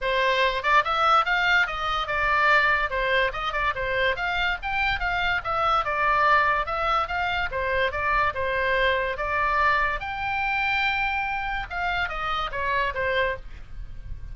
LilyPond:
\new Staff \with { instrumentName = "oboe" } { \time 4/4 \tempo 4 = 144 c''4. d''8 e''4 f''4 | dis''4 d''2 c''4 | dis''8 d''8 c''4 f''4 g''4 | f''4 e''4 d''2 |
e''4 f''4 c''4 d''4 | c''2 d''2 | g''1 | f''4 dis''4 cis''4 c''4 | }